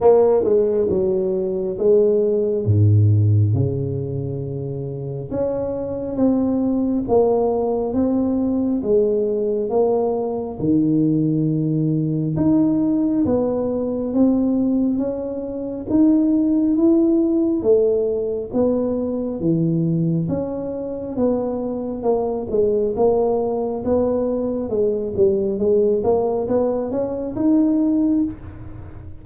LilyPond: \new Staff \with { instrumentName = "tuba" } { \time 4/4 \tempo 4 = 68 ais8 gis8 fis4 gis4 gis,4 | cis2 cis'4 c'4 | ais4 c'4 gis4 ais4 | dis2 dis'4 b4 |
c'4 cis'4 dis'4 e'4 | a4 b4 e4 cis'4 | b4 ais8 gis8 ais4 b4 | gis8 g8 gis8 ais8 b8 cis'8 dis'4 | }